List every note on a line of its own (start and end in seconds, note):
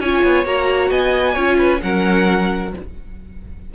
0.00 0.23 C#4
0.00 0.45 F4
0.00 0.90 C#5
0.00 0.46 G#5
0.23 0.45 B3
0.45 0.90 A#3
0.45 1.36 F#4
0.45 0.91 A#5
0.90 1.36 B3
0.90 1.34 D#5
0.90 1.82 G#5
1.34 1.81 C#4
1.34 1.80 F4
1.34 1.56 C#5
1.58 1.81 B4
1.80 2.74 F#3
1.80 2.71 C#4
1.80 2.75 A#4
1.80 2.73 F#5